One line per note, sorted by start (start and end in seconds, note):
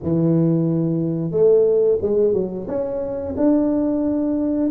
0.02 1.31 E3
1.31 1.98 A3
2.01 2.33 G#3
2.33 2.66 F#3
2.67 3.34 C#4
3.36 4.70 D4